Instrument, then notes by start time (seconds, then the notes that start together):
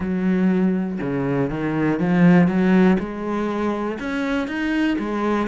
cello
0.00 F#3
1.01 C#3
1.50 D#3
1.99 F3
2.47 F#3
2.99 G#3
3.99 C#4
4.47 D#4
4.99 G#3